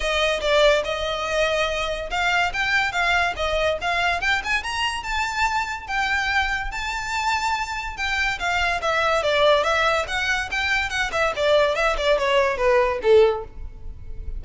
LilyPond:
\new Staff \with { instrumentName = "violin" } { \time 4/4 \tempo 4 = 143 dis''4 d''4 dis''2~ | dis''4 f''4 g''4 f''4 | dis''4 f''4 g''8 gis''8 ais''4 | a''2 g''2 |
a''2. g''4 | f''4 e''4 d''4 e''4 | fis''4 g''4 fis''8 e''8 d''4 | e''8 d''8 cis''4 b'4 a'4 | }